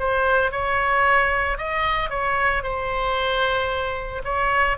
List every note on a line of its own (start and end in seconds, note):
0.00 0.52 C5
0.52 1.58 C#5
1.58 2.10 D#5
2.10 2.63 C#5
2.63 4.23 C5
4.25 4.78 C#5